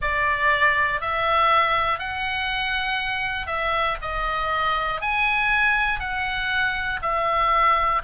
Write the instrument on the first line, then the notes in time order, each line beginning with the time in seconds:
oboe
0.01 D5
1.00 E5
1.99 F#5
3.46 E5
4.01 D#5
5.00 G#5
6.00 F#5
7.01 E5